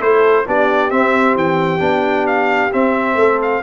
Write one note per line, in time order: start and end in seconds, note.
0.00 0.45 A3
0.00 0.46 E4
0.00 0.46 A4
0.00 0.47 C5
0.46 0.91 B3
0.46 0.91 D4
0.46 3.19 G4
0.46 0.91 D5
0.91 1.79 C4
0.91 1.35 C4
0.91 1.36 E5
1.35 1.80 E3
1.35 2.27 G5
1.79 2.71 B3
1.79 2.70 D4
2.27 2.72 F5
2.73 3.63 C4
2.73 3.15 C4
2.73 3.41 E5
3.15 3.61 A3
3.15 3.63 A4
3.42 3.63 F5